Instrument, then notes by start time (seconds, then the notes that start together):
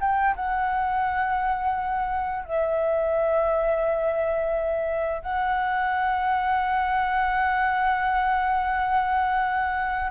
flute
0.00 G5
0.36 F#5
2.45 E5
5.22 F#5